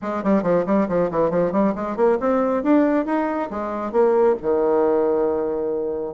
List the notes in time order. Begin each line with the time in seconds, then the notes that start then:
0.02 G#3
0.23 G3
0.43 F3
0.65 G3
0.88 F3
1.10 E3
1.30 F3
1.51 G3
1.75 G#3
1.96 A#3
2.20 C4
2.63 D4
3.05 D#4
3.50 G#3
3.92 A#3
4.42 D#3